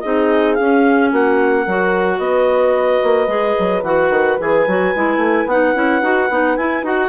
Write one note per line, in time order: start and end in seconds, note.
0.00 0.60 C4
0.00 0.59 D#4
0.00 1.12 G#4
0.00 0.55 D#5
0.55 1.68 C#4
0.55 1.12 C#4
0.55 1.09 F5
1.12 1.67 A#3
1.12 1.62 F#4
1.12 2.19 F#5
1.62 2.19 F#3
1.62 2.17 A#4
1.69 3.28 F#4
2.19 3.01 B3
2.19 7.10 B4
2.19 3.83 D#5
3.04 3.28 A#3
3.28 3.55 G#3
3.28 3.82 G#4
3.60 3.83 F#3
3.83 4.10 E3
3.83 4.40 F#4
3.83 4.39 F#5
4.10 4.37 D#3
4.40 4.67 E3
4.40 4.67 G#4
4.40 5.49 G#5
4.67 4.95 F#3
4.67 4.95 F#4
4.95 5.17 G#3
4.95 5.50 E4
5.17 5.45 A3
5.47 5.74 B3
5.47 5.75 D#4
5.47 6.57 F#5
5.75 6.02 C#4
5.75 6.02 E4
6.02 6.29 D#4
6.02 6.30 F#4
6.30 6.57 B3
6.30 6.58 D#4
6.57 6.83 E4
6.57 6.84 E4
6.57 6.85 G#5
6.83 7.10 D#4
6.83 7.10 F#4
6.83 7.10 F#5